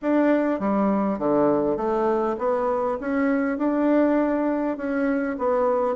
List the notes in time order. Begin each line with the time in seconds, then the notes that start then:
0.02 D4
0.59 G3
1.18 D3
1.76 A3
2.38 B3
3.00 C#4
3.58 D4
4.77 C#4
5.38 B3